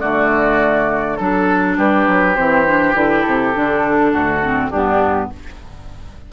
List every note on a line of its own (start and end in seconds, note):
0.00 1.19 D3
0.00 1.19 A3
0.00 1.18 F#4
0.00 1.17 D5
1.17 1.78 F#3
1.17 2.36 D4
1.17 1.76 A4
1.17 1.78 A4
1.78 2.07 G3
1.78 4.12 G4
1.78 2.35 B4
2.08 2.37 F#3
2.35 2.94 E3
2.35 2.66 C4
2.35 2.94 C5
2.67 2.95 D4
2.94 3.24 D3
2.94 3.53 E4
2.94 3.22 B4
3.22 3.56 C3
3.22 4.69 A4
3.54 4.12 D3
3.54 4.42 D4
4.12 4.71 D2
4.12 4.70 F#4
4.42 4.72 C4
4.70 5.31 G2
4.70 5.32 B3
4.70 5.29 D4
4.70 5.30 G4